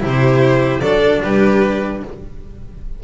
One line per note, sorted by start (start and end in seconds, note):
0.00 0.81 C3
0.00 0.80 E4
0.00 0.82 G4
0.07 0.80 C5
0.80 1.21 F#3
0.80 2.04 D4
0.80 1.22 A4
0.80 1.20 D5
1.23 2.03 G3
1.23 2.03 G4
1.23 2.03 B4